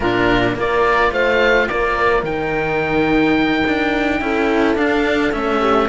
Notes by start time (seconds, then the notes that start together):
0.00 A#2 D4 F4 A#4
0.55 A#3 F4 A#4 D5
1.11 A3 C5 F5
1.68 A#3 A#4 D5
2.22 D#3 D#4 G5
3.67 D4
4.20 C#4 E4 A4
4.75 D4 F5
5.31 A3 C#4 E5
5.60 G4